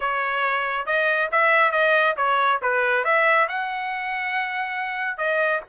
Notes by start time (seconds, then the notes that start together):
0.00 C#5
0.86 D#5
1.31 E5
1.71 D#5
2.17 C#5
2.61 B4
3.04 E5
3.48 F#5
5.17 D#5